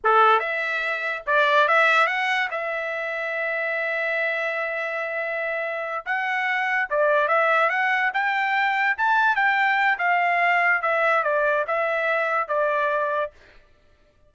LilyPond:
\new Staff \with { instrumentName = "trumpet" } { \time 4/4 \tempo 4 = 144 a'4 e''2 d''4 | e''4 fis''4 e''2~ | e''1~ | e''2~ e''8 fis''4.~ |
fis''8 d''4 e''4 fis''4 g''8~ | g''4. a''4 g''4. | f''2 e''4 d''4 | e''2 d''2 | }